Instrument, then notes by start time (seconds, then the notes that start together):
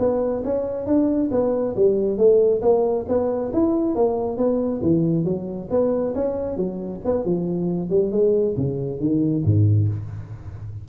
tuba
0.00 B3
0.45 C#4
0.87 D4
1.32 B3
1.77 G3
2.18 A3
2.62 A#3
3.09 B3
3.54 E4
3.96 A#3
4.38 B3
4.82 E3
5.25 F#3
5.71 B3
6.16 C#4
6.57 F#3
7.05 B3
7.25 F3
7.90 G3
8.12 G#3
8.57 C#3
9.01 D#3
9.45 G#2